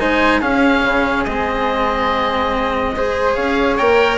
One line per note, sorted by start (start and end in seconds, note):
0.00 0.42 G#3
0.00 0.42 D#4
0.00 0.40 C5
0.00 0.42 G#5
0.40 0.84 C#4
0.40 1.27 C#4
0.40 2.93 G#4
0.40 1.25 F5
0.84 1.26 C#3
1.25 3.37 G#3
1.25 2.97 C4
1.25 3.35 D#5
2.97 3.80 G#4
2.97 3.36 C5
3.35 3.80 C#4
3.35 4.19 C#5
3.35 3.78 F5
3.78 4.19 A#3
3.78 4.19 A#4
3.78 4.19 G5